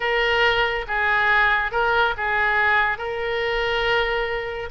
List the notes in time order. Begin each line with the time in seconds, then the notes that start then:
0.00 A#4
0.87 G#4
1.71 A#4
2.17 G#4
2.98 A#4